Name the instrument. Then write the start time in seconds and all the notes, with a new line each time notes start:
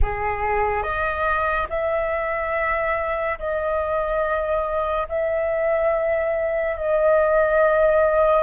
flute
0.02 G#4
0.82 D#5
1.69 E5
3.38 D#5
5.09 E5
6.76 D#5